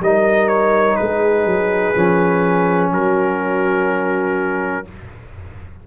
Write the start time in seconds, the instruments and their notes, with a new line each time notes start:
0.00 tuba G3, trombone D#4, horn A#4, trumpet D#5
0.48 trumpet C#5
0.96 tuba G#3, horn G#4, trumpet B4
1.45 tuba F#3
1.94 tuba F3, trombone C#4
2.92 tuba F#3, horn F#4, trumpet A#4